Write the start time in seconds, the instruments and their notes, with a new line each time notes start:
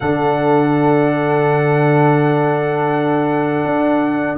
0.00 tuba D3, trombone D4, horn A4, trumpet F#5
3.65 tuba D4